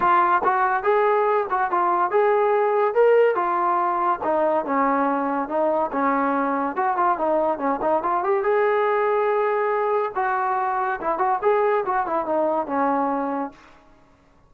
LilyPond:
\new Staff \with { instrumentName = "trombone" } { \time 4/4 \tempo 4 = 142 f'4 fis'4 gis'4. fis'8 | f'4 gis'2 ais'4 | f'2 dis'4 cis'4~ | cis'4 dis'4 cis'2 |
fis'8 f'8 dis'4 cis'8 dis'8 f'8 g'8 | gis'1 | fis'2 e'8 fis'8 gis'4 | fis'8 e'8 dis'4 cis'2 | }